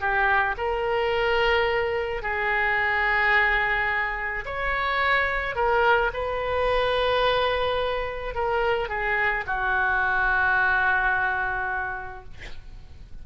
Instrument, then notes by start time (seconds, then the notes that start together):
oboe
0.00 G4
0.57 A#4
2.22 G#4
4.45 C#5
5.56 A#4
6.14 B4
8.35 A#4
8.89 G#4
9.47 F#4